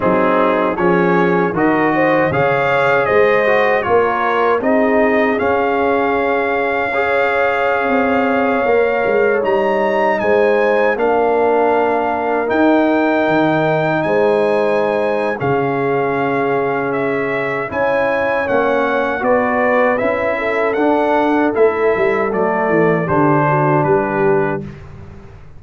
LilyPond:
<<
  \new Staff \with { instrumentName = "trumpet" } { \time 4/4 \tempo 4 = 78 gis'4 cis''4 dis''4 f''4 | dis''4 cis''4 dis''4 f''4~ | f''1~ | f''16 ais''4 gis''4 f''4.~ f''16~ |
f''16 g''2 gis''4.~ gis''16 | f''2 e''4 gis''4 | fis''4 d''4 e''4 fis''4 | e''4 d''4 c''4 b'4 | }
  \new Staff \with { instrumentName = "horn" } { \time 4/4 dis'4 gis'4 ais'8 c''8 cis''4 | c''4 ais'4 gis'2~ | gis'4 cis''2.~ | cis''4~ cis''16 c''4 ais'4.~ ais'16~ |
ais'2~ ais'16 c''4.~ c''16 | gis'2. cis''4~ | cis''4 b'4. a'4.~ | a'2 g'8 fis'8 g'4 | }
  \new Staff \with { instrumentName = "trombone" } { \time 4/4 c'4 cis'4 fis'4 gis'4~ | gis'8 fis'8 f'4 dis'4 cis'4~ | cis'4 gis'2~ gis'16 ais'8.~ | ais'16 dis'2 d'4.~ d'16~ |
d'16 dis'2.~ dis'8. | cis'2. e'4 | cis'4 fis'4 e'4 d'4 | e'4 a4 d'2 | }
  \new Staff \with { instrumentName = "tuba" } { \time 4/4 fis4 f4 dis4 cis4 | gis4 ais4 c'4 cis'4~ | cis'2~ cis'16 c'4 ais8 gis16~ | gis16 g4 gis4 ais4.~ ais16~ |
ais16 dis'4 dis4 gis4.~ gis16 | cis2. cis'4 | ais4 b4 cis'4 d'4 | a8 g8 fis8 e8 d4 g4 | }
>>